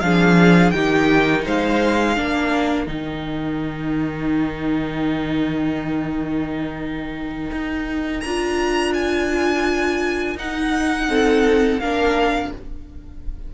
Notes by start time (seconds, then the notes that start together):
0.00 F3 D4 G#4 F5
0.70 D#3 D#4 G4 G5
1.44 G#3 C5 F5
2.15 A#3 D4 A#4
2.86 D#3 D#4 G5
7.51 D#4
8.21 D4 F4 A#5
8.93 G#5
10.35 D#4 F#5
11.08 C4 A4
11.79 A#3 D4 A#4 F5